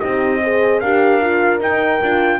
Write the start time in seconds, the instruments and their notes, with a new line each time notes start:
0.00 double bass C4, horn D#4 G4, trumpet D#5
0.43 horn G#4 C5
0.80 double bass D4, horn G4 A#4, trumpet F5
1.21 horn F4
1.60 double bass D#4, horn D#4, trumpet G5
2.02 double bass D4, horn F4